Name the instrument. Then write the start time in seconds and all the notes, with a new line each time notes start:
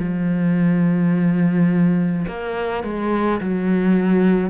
cello
0.00 F3
2.28 A#3
2.84 G#3
3.41 F#3